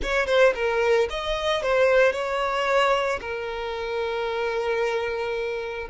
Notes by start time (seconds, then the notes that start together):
0.02 C#5
0.26 C5
0.54 A#4
1.10 D#5
1.62 C5
2.12 C#5
3.20 A#4